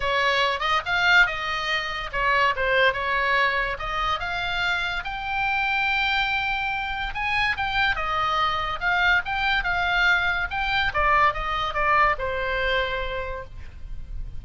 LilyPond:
\new Staff \with { instrumentName = "oboe" } { \time 4/4 \tempo 4 = 143 cis''4. dis''8 f''4 dis''4~ | dis''4 cis''4 c''4 cis''4~ | cis''4 dis''4 f''2 | g''1~ |
g''4 gis''4 g''4 dis''4~ | dis''4 f''4 g''4 f''4~ | f''4 g''4 d''4 dis''4 | d''4 c''2. | }